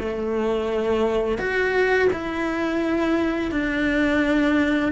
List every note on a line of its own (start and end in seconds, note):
0.00 1.39 A3
1.39 2.09 F#4
2.13 3.52 E4
3.52 4.93 D4